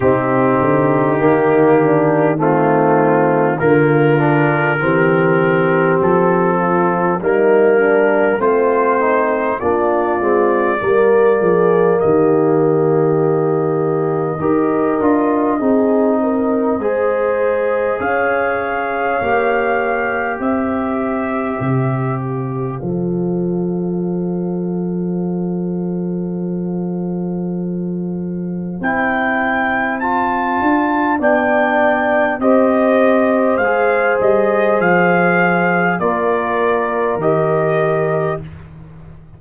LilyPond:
<<
  \new Staff \with { instrumentName = "trumpet" } { \time 4/4 \tempo 4 = 50 g'2 f'4 ais'4~ | ais'4 a'4 ais'4 c''4 | d''2 dis''2~ | dis''2. f''4~ |
f''4 e''4. f''4.~ | f''1 | g''4 a''4 g''4 dis''4 | f''8 dis''8 f''4 d''4 dis''4 | }
  \new Staff \with { instrumentName = "horn" } { \time 4/4 dis'4. d'8 c'4 f'4 | g'4. f'8 dis'8 d'8 c'4 | f'4 ais'8 gis'8 g'2 | ais'4 gis'8 ais'8 c''4 cis''4~ |
cis''4 c''2.~ | c''1~ | c''2 d''4 c''4~ | c''2 ais'2 | }
  \new Staff \with { instrumentName = "trombone" } { \time 4/4 c'4 ais4 a4 ais8 d'8 | c'2 ais4 f'8 dis'8 | d'8 c'8 ais2. | g'8 f'8 dis'4 gis'2 |
g'2. a'4~ | a'1 | e'4 f'4 d'4 g'4 | gis'2 f'4 g'4 | }
  \new Staff \with { instrumentName = "tuba" } { \time 4/4 c8 d8 dis2 d4 | e4 f4 g4 a4 | ais8 gis8 g8 f8 dis2 | dis'8 d'8 c'4 gis4 cis'4 |
ais4 c'4 c4 f4~ | f1 | c'4. d'8 b4 c'4 | gis8 g8 f4 ais4 dis4 | }
>>